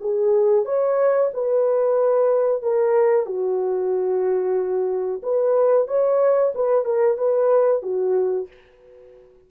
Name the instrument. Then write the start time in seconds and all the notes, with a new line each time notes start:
horn
0.00 G#4
0.65 C#5
1.33 B4
2.62 A#4
3.26 F#4
5.23 B4
5.87 C#5
6.55 B4
6.84 A#4
7.17 B4
7.82 F#4